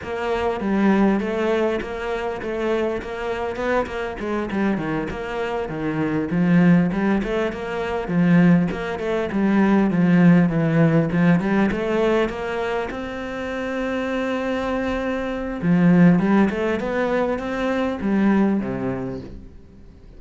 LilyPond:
\new Staff \with { instrumentName = "cello" } { \time 4/4 \tempo 4 = 100 ais4 g4 a4 ais4 | a4 ais4 b8 ais8 gis8 g8 | dis8 ais4 dis4 f4 g8 | a8 ais4 f4 ais8 a8 g8~ |
g8 f4 e4 f8 g8 a8~ | a8 ais4 c'2~ c'8~ | c'2 f4 g8 a8 | b4 c'4 g4 c4 | }